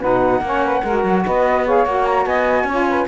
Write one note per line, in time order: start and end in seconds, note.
0.00 0.41 B2
0.00 0.43 D#4
0.00 0.41 B4
0.00 1.25 F#5
0.41 0.82 A#3
0.41 0.84 C#4
0.41 0.65 C#5
0.65 0.82 B4
0.82 1.04 G#3
0.82 1.23 A#4
0.88 1.66 F#4
1.04 1.25 F#3
1.26 1.86 B3
1.26 1.65 B4
1.26 1.67 D#5
1.65 1.87 G#4
1.65 2.26 C#5
1.65 1.86 F5
1.86 2.26 A#3
1.86 2.69 F#4
1.86 2.06 F#5
2.06 2.26 A#5
2.26 2.64 B3
2.26 2.66 D#5
2.26 3.08 G#5
2.64 3.05 C#4
2.64 2.87 C#5
2.70 3.08 F4
2.89 3.08 B4